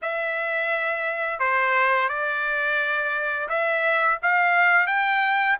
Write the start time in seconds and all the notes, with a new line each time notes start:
0.02 E5
1.39 C5
2.08 D5
3.48 E5
4.22 F5
4.86 G5